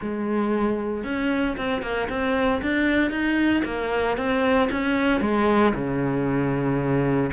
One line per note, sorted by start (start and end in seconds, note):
0.01 1.04 G#3
1.04 1.56 C#4
1.57 1.82 C4
1.82 2.08 A#3
2.09 2.61 C4
2.62 3.10 D4
3.10 3.63 D#4
3.65 4.17 A#3
4.17 4.69 C4
4.71 5.21 C#4
5.21 5.73 G#3
5.74 7.30 C#3